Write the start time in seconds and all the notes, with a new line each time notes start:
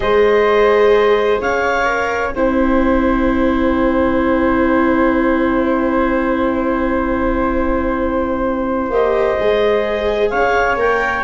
0.00 G#3 G#4 C5 D#5
1.40 C#4 C#5 F5
1.84 A#4
2.30 C4 E4 C5 G5
8.89 A#3 G4 D#5
9.39 G#3 G#4
10.29 C#4 C#5 F5
10.76 A#3 A#4 G5